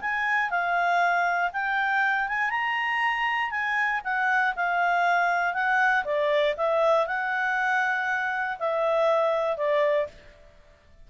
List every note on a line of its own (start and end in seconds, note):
0.00 0.50 G#5
0.50 1.51 F5
1.52 2.28 G5
2.28 2.50 G#5
2.50 3.50 A#5
3.50 4.01 G#5
4.04 4.54 F#5
4.55 5.53 F5
5.53 6.04 F#5
6.04 6.55 D5
6.57 7.06 E5
7.06 8.57 F#5
8.59 9.57 E5
9.57 10.07 D5